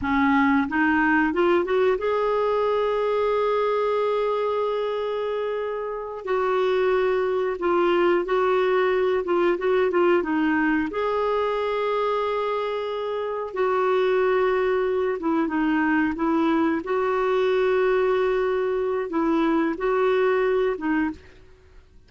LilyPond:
\new Staff \with { instrumentName = "clarinet" } { \time 4/4 \tempo 4 = 91 cis'4 dis'4 f'8 fis'8 gis'4~ | gis'1~ | gis'4. fis'2 f'8~ | f'8 fis'4. f'8 fis'8 f'8 dis'8~ |
dis'8 gis'2.~ gis'8~ | gis'8 fis'2~ fis'8 e'8 dis'8~ | dis'8 e'4 fis'2~ fis'8~ | fis'4 e'4 fis'4. dis'8 | }